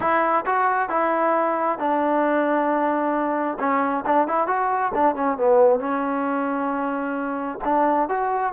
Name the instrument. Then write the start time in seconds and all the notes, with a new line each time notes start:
trombone
0.00 E4
0.46 F#4
0.89 E4
1.78 D4
3.59 C#4
4.05 D4
4.27 E4
4.47 F#4
4.94 D4
5.15 C#4
5.37 B3
5.79 C#4
7.64 D4
8.08 F#4